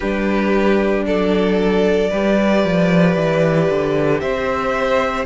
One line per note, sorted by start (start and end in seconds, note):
0.00 1.05 G3
0.00 2.11 D4
0.00 1.05 G4
0.00 1.04 B4
1.05 2.11 F#3
1.05 2.10 A4
1.05 4.20 D5
2.10 2.64 G3
2.10 5.26 G4
2.10 4.20 B4
2.64 3.16 F3
3.16 3.68 E3
3.70 4.21 D3
4.20 5.26 C4
4.20 5.26 C5
4.20 5.25 E5